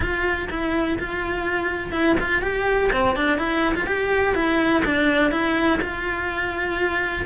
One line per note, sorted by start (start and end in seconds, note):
0.00 0.48 F4
0.49 0.98 E4
0.98 1.92 F4
1.92 2.16 E4
2.20 2.42 F4
2.42 2.90 G4
2.92 3.16 C4
3.16 3.38 D4
3.38 3.74 E4
3.74 3.86 F4
3.86 4.34 G4
4.34 4.83 E4
4.85 5.31 D4
5.31 5.79 E4
5.81 7.25 F4